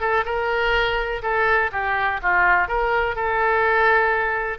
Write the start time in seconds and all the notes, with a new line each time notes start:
0.00 A4
0.25 A#4
1.22 A4
1.72 G4
2.22 F4
2.68 A#4
3.15 A4